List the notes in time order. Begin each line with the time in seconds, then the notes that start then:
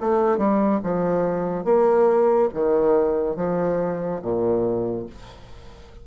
0.00 A3
0.37 G3
0.83 F3
1.64 A#3
2.53 D#3
3.36 F3
4.22 A#2